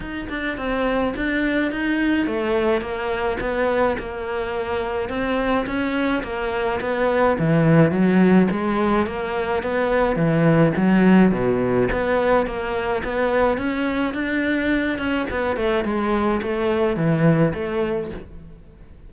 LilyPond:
\new Staff \with { instrumentName = "cello" } { \time 4/4 \tempo 4 = 106 dis'8 d'8 c'4 d'4 dis'4 | a4 ais4 b4 ais4~ | ais4 c'4 cis'4 ais4 | b4 e4 fis4 gis4 |
ais4 b4 e4 fis4 | b,4 b4 ais4 b4 | cis'4 d'4. cis'8 b8 a8 | gis4 a4 e4 a4 | }